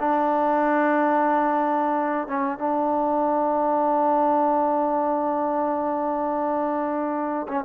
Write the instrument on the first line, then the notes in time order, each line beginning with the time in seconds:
trombone
0.00 D4
2.28 C#4
2.58 D4
7.49 C#4